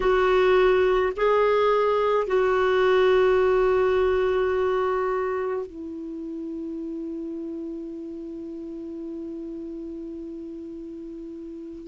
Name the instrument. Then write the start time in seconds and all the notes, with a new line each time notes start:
clarinet
0.00 F#4
1.16 G#4
2.27 F#4
5.66 E4